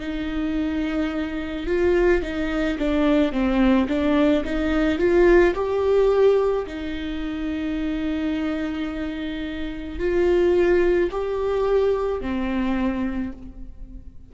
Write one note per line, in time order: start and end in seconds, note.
0.00 1.67 D#4
1.67 2.22 F4
2.22 2.78 D#4
2.79 3.32 D4
3.32 3.88 C4
3.88 4.44 D4
4.45 4.99 D#4
4.99 5.55 F4
5.55 6.66 G4
6.67 9.99 D#4
9.99 11.11 F4
11.12 12.22 G4
12.22 13.33 C4